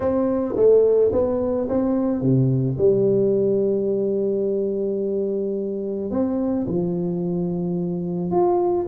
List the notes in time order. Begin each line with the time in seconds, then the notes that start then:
0.00 C4
0.56 A3
1.12 B3
1.68 C4
2.21 C3
2.78 G3
6.10 C4
6.67 F3
8.31 F4